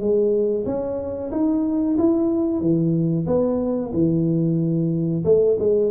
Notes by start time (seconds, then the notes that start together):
0.00 G#3
0.66 C#4
1.32 D#4
1.98 E4
2.61 E3
3.27 B3
3.93 E3
5.25 A3
5.59 G#3